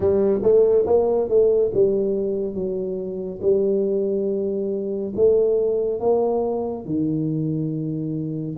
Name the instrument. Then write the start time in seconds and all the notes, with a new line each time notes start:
tuba
0.00 G3
0.42 A3
0.86 A#3
1.28 A3
1.74 G3
2.54 F#3
3.41 G3
5.15 A3
6.00 A#3
6.85 D#3